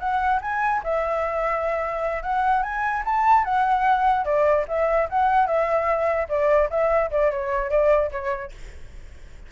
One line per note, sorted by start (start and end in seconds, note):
0.00 0.41 F#5
0.42 0.83 G#5
0.84 2.23 E5
2.23 2.63 F#5
2.63 3.04 G#5
3.06 3.45 A5
3.45 4.25 F#5
4.25 4.66 D5
4.68 5.09 E5
5.10 5.47 F#5
5.47 6.28 E5
6.29 6.70 D5
6.70 7.11 E5
7.11 7.32 D5
7.32 7.70 C#5
7.70 8.11 D5
8.12 8.52 C#5